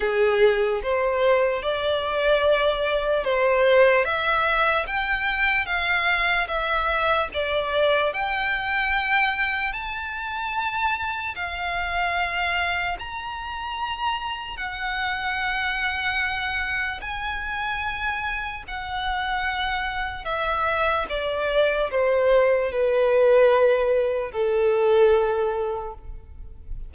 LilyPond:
\new Staff \with { instrumentName = "violin" } { \time 4/4 \tempo 4 = 74 gis'4 c''4 d''2 | c''4 e''4 g''4 f''4 | e''4 d''4 g''2 | a''2 f''2 |
ais''2 fis''2~ | fis''4 gis''2 fis''4~ | fis''4 e''4 d''4 c''4 | b'2 a'2 | }